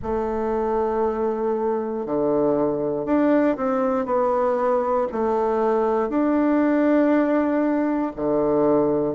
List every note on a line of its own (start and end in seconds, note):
0.02 2.06 A3
2.06 3.05 D3
3.05 3.56 D4
3.56 4.05 C4
4.05 5.07 B3
5.11 6.09 A3
6.09 8.12 D4
8.15 9.15 D3